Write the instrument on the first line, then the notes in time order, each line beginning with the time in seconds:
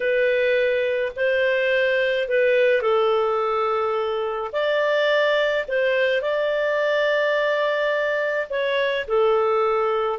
clarinet
0.00 B4
1.16 C5
2.28 B4
2.81 A4
4.52 D5
5.68 C5
6.21 D5
8.49 C#5
9.07 A4